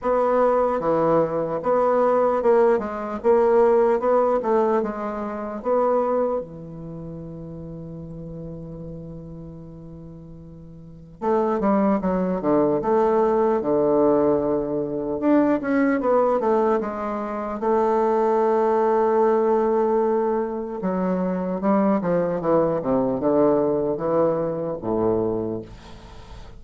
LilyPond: \new Staff \with { instrumentName = "bassoon" } { \time 4/4 \tempo 4 = 75 b4 e4 b4 ais8 gis8 | ais4 b8 a8 gis4 b4 | e1~ | e2 a8 g8 fis8 d8 |
a4 d2 d'8 cis'8 | b8 a8 gis4 a2~ | a2 fis4 g8 f8 | e8 c8 d4 e4 a,4 | }